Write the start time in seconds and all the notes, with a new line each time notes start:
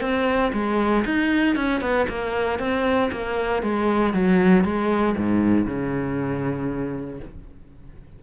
0.00 C4
0.53 G#3
1.05 D#4
1.55 C#4
1.80 B3
2.08 A#3
2.59 C4
3.12 A#3
3.62 G#3
4.13 F#3
4.64 G#3
5.17 G#2
5.65 C#3